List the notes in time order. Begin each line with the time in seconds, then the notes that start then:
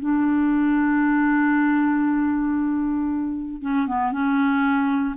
0.00 D4
3.62 C#4
3.87 B3
4.12 C#4